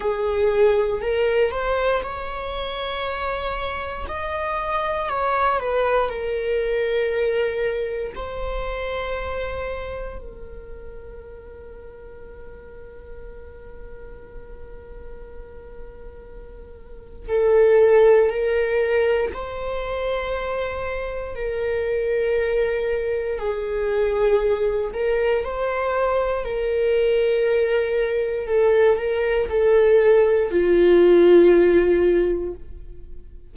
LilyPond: \new Staff \with { instrumentName = "viola" } { \time 4/4 \tempo 4 = 59 gis'4 ais'8 c''8 cis''2 | dis''4 cis''8 b'8 ais'2 | c''2 ais'2~ | ais'1~ |
ais'4 a'4 ais'4 c''4~ | c''4 ais'2 gis'4~ | gis'8 ais'8 c''4 ais'2 | a'8 ais'8 a'4 f'2 | }